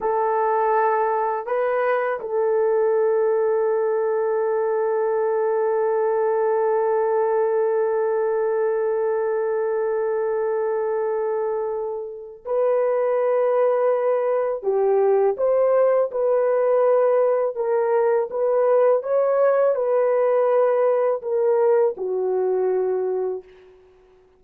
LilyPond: \new Staff \with { instrumentName = "horn" } { \time 4/4 \tempo 4 = 82 a'2 b'4 a'4~ | a'1~ | a'1~ | a'1~ |
a'4 b'2. | g'4 c''4 b'2 | ais'4 b'4 cis''4 b'4~ | b'4 ais'4 fis'2 | }